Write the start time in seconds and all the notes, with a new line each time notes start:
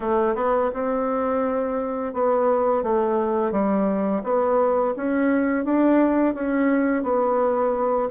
0.00 A3
0.35 B3
0.73 C4
2.13 B3
2.83 A3
3.51 G3
4.24 B3
4.96 C#4
5.64 D4
6.34 C#4
7.03 B3